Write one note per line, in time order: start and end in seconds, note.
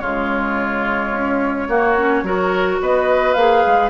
0.00 1.12 C#3
0.00 1.69 G#3
0.00 1.68 F4
0.00 2.78 C#5
1.12 1.68 C#4
1.69 1.97 A#3
1.69 2.23 A#3
1.69 2.25 F#4
1.97 2.25 C#4
2.23 2.79 F#3
2.23 3.36 F#4
2.23 2.81 A#4
2.81 3.36 B3
2.81 3.91 B4
2.81 3.34 D#5
3.34 3.64 A#3
3.34 3.91 G#4
3.34 3.90 F5
3.67 3.91 G#3